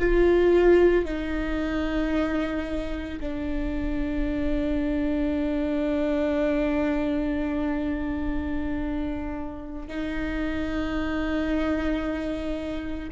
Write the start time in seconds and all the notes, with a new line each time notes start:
0.00 F4
1.05 D#4
3.20 D4
9.88 D#4